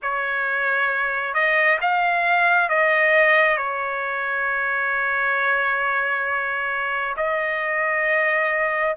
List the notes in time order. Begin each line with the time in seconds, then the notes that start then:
0.02 C#5
1.34 D#5
1.81 F5
2.69 D#5
3.57 C#5
7.16 D#5